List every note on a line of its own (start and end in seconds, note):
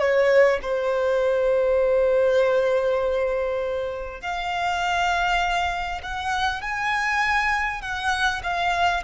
0.00 0.60 C#5
0.63 4.22 C5
4.22 6.02 F5
6.03 6.62 F#5
6.62 7.82 G#5
7.82 8.42 F#5
8.43 9.03 F5